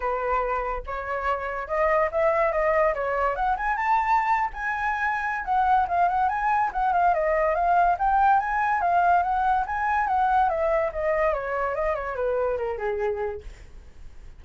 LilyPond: \new Staff \with { instrumentName = "flute" } { \time 4/4 \tempo 4 = 143 b'2 cis''2 | dis''4 e''4 dis''4 cis''4 | fis''8 gis''8 a''4.~ a''16 gis''4~ gis''16~ | gis''4 fis''4 f''8 fis''8 gis''4 |
fis''8 f''8 dis''4 f''4 g''4 | gis''4 f''4 fis''4 gis''4 | fis''4 e''4 dis''4 cis''4 | dis''8 cis''8 b'4 ais'8 gis'4. | }